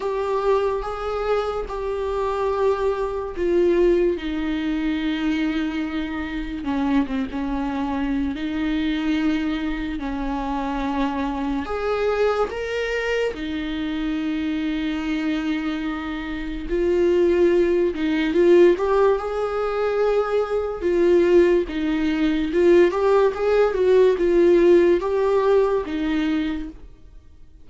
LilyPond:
\new Staff \with { instrumentName = "viola" } { \time 4/4 \tempo 4 = 72 g'4 gis'4 g'2 | f'4 dis'2. | cis'8 c'16 cis'4~ cis'16 dis'2 | cis'2 gis'4 ais'4 |
dis'1 | f'4. dis'8 f'8 g'8 gis'4~ | gis'4 f'4 dis'4 f'8 g'8 | gis'8 fis'8 f'4 g'4 dis'4 | }